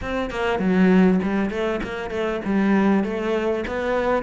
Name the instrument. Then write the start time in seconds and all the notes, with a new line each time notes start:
cello
0.01 C4
0.30 A#3
0.59 F#3
1.23 G3
1.50 A3
1.83 A#3
2.10 A3
2.44 G3
3.03 A3
3.67 B3